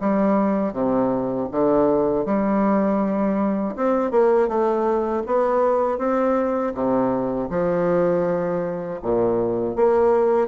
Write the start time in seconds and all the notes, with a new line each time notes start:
0.00 G3
0.73 C3
1.51 D3
2.25 G3
3.75 C4
4.10 A#3
4.48 A3
5.26 B3
5.98 C4
6.74 C3
7.49 F3
9.02 A#2
9.75 A#3